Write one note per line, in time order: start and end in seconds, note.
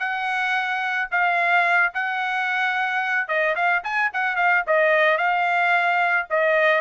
0.00 1.09 F#5
1.11 1.93 F5
1.94 3.28 F#5
3.28 3.56 D#5
3.56 3.83 F5
3.84 4.11 G#5
4.14 4.36 F#5
4.36 4.64 F5
4.67 5.18 D#5
5.18 6.27 F5
6.30 6.81 D#5